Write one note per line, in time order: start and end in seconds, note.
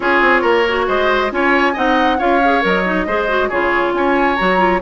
0.00 0.21 C#4
0.00 0.65 F4
0.00 0.41 G#4
0.00 0.87 C#5
0.21 0.43 C4
0.41 0.87 A#3
0.41 0.85 A#4
0.68 1.30 F#4
0.87 1.31 G#3
0.87 1.31 C5
0.87 1.31 D#5
1.30 1.75 C#4
1.30 1.74 F4
1.30 1.73 C#5
1.30 1.76 G#5
1.73 2.20 C4
1.73 2.18 D#4
1.73 2.17 D#5
1.73 2.20 F#5
2.18 2.64 C#4
2.18 2.40 F4
2.18 3.06 C#5
2.18 2.63 F5
2.44 2.61 G#4
2.61 3.06 F#3
2.61 2.83 A#4
2.61 3.49 D#5
2.85 3.07 D#4
3.06 3.50 G#3
3.06 3.28 G#4
3.06 3.48 C5
3.28 3.50 F#4
3.48 3.93 C#3
3.48 4.37 F4
3.48 3.92 G#4
3.48 3.93 C#5
3.93 4.37 C#4
3.93 4.82 C#5
3.93 4.36 G#5
4.36 4.82 F#3
4.36 4.57 F#4
4.36 4.80 A#5
4.57 4.79 F4